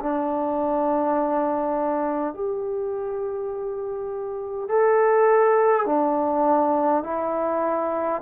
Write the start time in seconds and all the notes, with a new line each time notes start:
0.00 D4
2.34 G4
4.69 A4
5.86 D4
7.04 E4